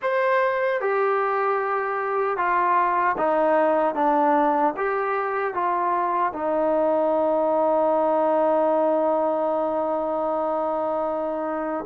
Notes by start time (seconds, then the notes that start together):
0.01 C5
0.81 G4
2.37 F4
3.17 D#4
3.95 D4
4.76 G4
5.54 F4
6.32 D#4